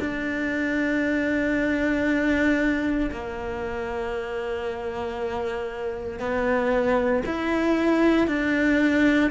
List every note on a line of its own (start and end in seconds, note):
0.00 3.10 D4
3.11 6.20 A#3
6.20 7.23 B3
7.26 8.28 E4
8.28 9.31 D4